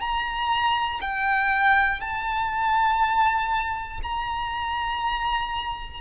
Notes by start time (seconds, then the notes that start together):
0.00 A#5
1.01 G5
2.01 A5
4.03 A#5